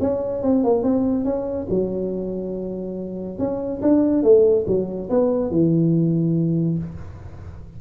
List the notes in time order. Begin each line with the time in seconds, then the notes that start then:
0.00 C#4
0.43 C4
0.64 A#3
0.83 C4
1.24 C#4
1.70 F#3
3.39 C#4
3.82 D4
4.23 A3
4.67 F#3
5.10 B3
5.51 E3